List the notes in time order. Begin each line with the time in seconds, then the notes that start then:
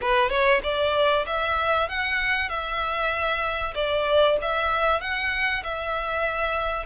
0.01 B4
0.29 C#5
0.62 D5
1.26 E5
1.89 F#5
2.49 E5
3.74 D5
4.41 E5
5.00 F#5
5.63 E5